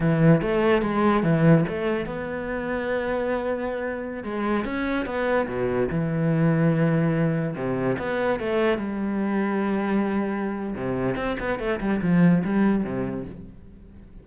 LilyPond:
\new Staff \with { instrumentName = "cello" } { \time 4/4 \tempo 4 = 145 e4 a4 gis4 e4 | a4 b2.~ | b2~ b16 gis4 cis'8.~ | cis'16 b4 b,4 e4.~ e16~ |
e2~ e16 c4 b8.~ | b16 a4 g2~ g8.~ | g2 c4 c'8 b8 | a8 g8 f4 g4 c4 | }